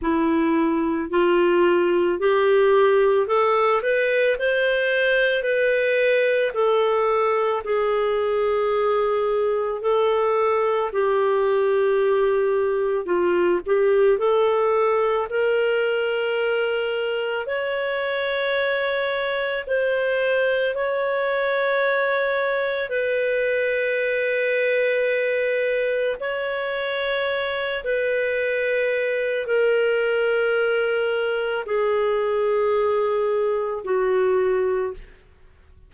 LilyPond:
\new Staff \with { instrumentName = "clarinet" } { \time 4/4 \tempo 4 = 55 e'4 f'4 g'4 a'8 b'8 | c''4 b'4 a'4 gis'4~ | gis'4 a'4 g'2 | f'8 g'8 a'4 ais'2 |
cis''2 c''4 cis''4~ | cis''4 b'2. | cis''4. b'4. ais'4~ | ais'4 gis'2 fis'4 | }